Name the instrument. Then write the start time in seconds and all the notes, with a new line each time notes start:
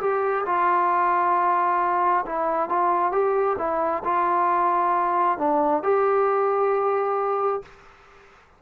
trombone
0.00 G4
0.46 F4
2.26 E4
2.69 F4
3.11 G4
3.58 E4
4.04 F4
5.38 D4
5.82 G4